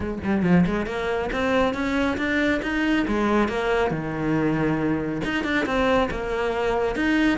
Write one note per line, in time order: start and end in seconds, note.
0.00 0.18 G#3
0.23 0.42 G3
0.42 0.64 F3
0.65 0.86 G#3
0.86 1.29 A#3
1.32 1.74 C4
1.74 2.17 C#4
2.17 2.60 D4
2.62 3.06 D#4
3.07 3.48 G#3
3.48 3.91 A#3
3.91 5.21 D#3
5.24 5.43 D#4
5.43 5.65 D4
5.65 6.09 C4
6.10 6.95 A#3
6.95 7.38 D#4